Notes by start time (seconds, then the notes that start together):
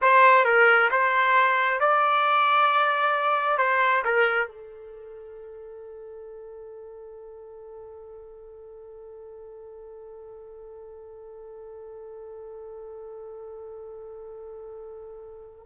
0.01 C5
0.45 A#4
0.90 C5
1.80 D5
3.58 C5
4.04 A#4
4.47 A4